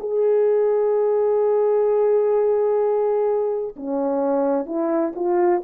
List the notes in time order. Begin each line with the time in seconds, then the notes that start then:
0.00 G#4
3.76 C#4
4.66 E4
5.16 F4